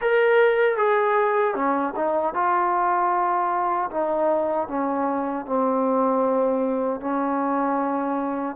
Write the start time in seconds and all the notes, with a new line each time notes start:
0.01 A#4
0.77 G#4
1.54 C#4
1.96 D#4
2.34 F4
3.90 D#4
4.68 C#4
5.45 C4
7.00 C#4